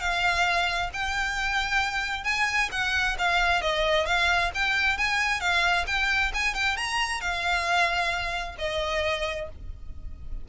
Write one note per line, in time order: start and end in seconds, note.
0.00 0.90 F5
0.93 2.24 G5
2.24 2.69 G#5
2.72 3.17 F#5
3.19 3.62 F5
3.62 4.06 D#5
4.06 4.51 F5
4.55 4.98 G5
4.98 5.41 G#5
5.41 5.86 F5
5.87 6.32 G5
6.34 6.55 G#5
6.55 6.77 G5
6.77 7.21 A#5
7.21 8.56 F5
8.59 9.49 D#5